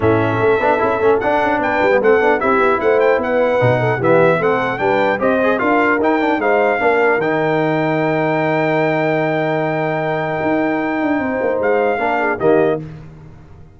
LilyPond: <<
  \new Staff \with { instrumentName = "trumpet" } { \time 4/4 \tempo 4 = 150 e''2. fis''4 | g''4 fis''4 e''4 fis''8 g''8 | fis''2 e''4 fis''4 | g''4 dis''4 f''4 g''4 |
f''2 g''2~ | g''1~ | g''1~ | g''4 f''2 dis''4 | }
  \new Staff \with { instrumentName = "horn" } { \time 4/4 a'1 | b'4 a'4 g'4 c''4 | b'4. a'8 g'4 a'4 | b'4 c''4 ais'2 |
c''4 ais'2.~ | ais'1~ | ais'1 | c''2 ais'8 gis'8 g'4 | }
  \new Staff \with { instrumentName = "trombone" } { \time 4/4 cis'4. d'8 e'8 cis'8 d'4~ | d'8. b16 c'8 d'8 e'2~ | e'4 dis'4 b4 c'4 | d'4 g'8 gis'8 f'4 dis'8 d'8 |
dis'4 d'4 dis'2~ | dis'1~ | dis'1~ | dis'2 d'4 ais4 | }
  \new Staff \with { instrumentName = "tuba" } { \time 4/4 a,4 a8 b8 cis'8 a8 d'8 cis'8 | b8 g8 a8 b8 c'8 b8 a4 | b4 b,4 e4 a4 | g4 c'4 d'4 dis'4 |
gis4 ais4 dis2~ | dis1~ | dis2 dis'4. d'8 | c'8 ais8 gis4 ais4 dis4 | }
>>